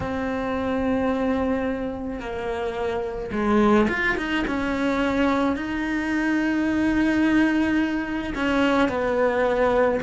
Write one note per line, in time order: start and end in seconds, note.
0.00 2.19 C4
2.19 3.30 A#3
3.31 3.87 G#3
3.88 4.16 F4
4.17 4.44 D#4
4.47 5.56 C#4
5.56 8.33 D#4
8.34 8.88 C#4
8.88 9.99 B3